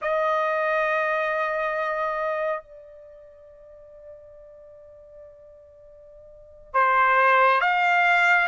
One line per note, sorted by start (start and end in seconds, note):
0.01 2.62 D#5
2.62 6.74 D5
6.74 7.60 C5
7.60 8.47 F5